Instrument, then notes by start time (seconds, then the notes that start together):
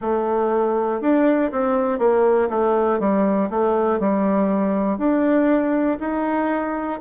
bassoon
0.00 A3
1.01 D4
1.51 C4
1.99 A#3
2.49 A3
3.00 G3
3.50 A3
4.00 G3
4.98 D4
6.00 D#4